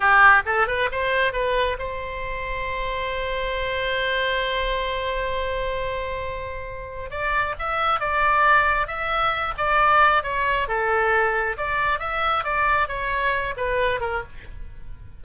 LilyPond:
\new Staff \with { instrumentName = "oboe" } { \time 4/4 \tempo 4 = 135 g'4 a'8 b'8 c''4 b'4 | c''1~ | c''1~ | c''1 |
d''4 e''4 d''2 | e''4. d''4. cis''4 | a'2 d''4 e''4 | d''4 cis''4. b'4 ais'8 | }